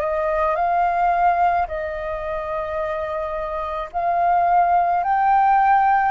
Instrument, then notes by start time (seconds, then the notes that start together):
flute
0.00 D#5
0.56 F5
1.68 D#5
3.93 F5
5.04 G5